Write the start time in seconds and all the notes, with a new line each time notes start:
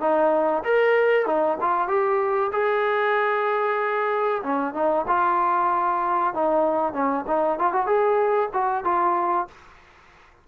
0.00 D#4
0.64 A#4
1.26 D#4
1.60 F4
1.88 G4
2.52 G#4
4.43 C#4
4.74 D#4
5.08 F4
6.34 D#4
6.93 C#4
7.27 D#4
7.58 F4
7.73 F#4
7.86 G#4
8.53 F#4
8.84 F4